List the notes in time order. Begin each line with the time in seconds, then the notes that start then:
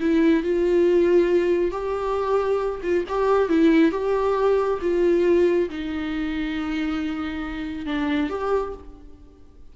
0.00 E4
0.43 F4
1.71 G4
2.82 F4
3.08 G4
3.49 E4
3.92 G4
4.81 F4
5.69 D#4
7.86 D4
8.29 G4